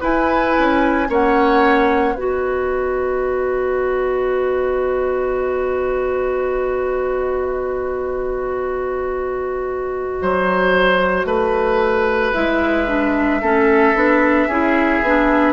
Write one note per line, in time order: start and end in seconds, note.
0.00 1.07 E4
0.00 0.56 E4
0.00 1.07 B4
0.00 1.10 G#5
0.58 1.08 C#4
1.07 2.14 A#3
1.07 2.14 C#4
1.07 2.14 C#5
1.07 2.15 F#5
2.14 10.18 B3
2.14 12.34 F#4
2.14 10.17 B4
2.14 12.33 D#5
10.21 11.24 F#3
10.21 11.26 C5
11.24 12.31 A3
11.24 13.40 B4
12.33 13.42 G#3
12.33 12.87 E4
12.33 15.53 E5
12.87 13.40 D4
13.41 13.94 A3
13.41 13.95 C#4
13.41 14.48 A4
13.94 14.47 B3
13.94 14.49 D4
14.47 15.01 C#4
14.47 15.03 E4
14.47 15.53 G#4
15.01 15.53 B3
15.01 15.53 D4